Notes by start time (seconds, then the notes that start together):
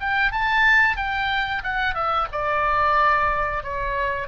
0.00 G5
0.32 A5
0.96 G5
1.63 F#5
1.94 E5
2.32 D5
3.63 C#5